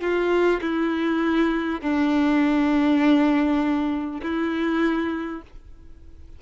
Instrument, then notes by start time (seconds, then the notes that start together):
violin
0.00 F4
0.61 E4
1.81 D4
4.22 E4